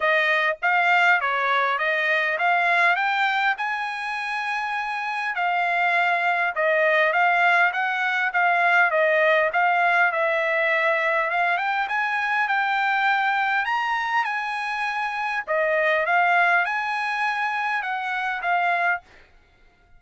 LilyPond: \new Staff \with { instrumentName = "trumpet" } { \time 4/4 \tempo 4 = 101 dis''4 f''4 cis''4 dis''4 | f''4 g''4 gis''2~ | gis''4 f''2 dis''4 | f''4 fis''4 f''4 dis''4 |
f''4 e''2 f''8 g''8 | gis''4 g''2 ais''4 | gis''2 dis''4 f''4 | gis''2 fis''4 f''4 | }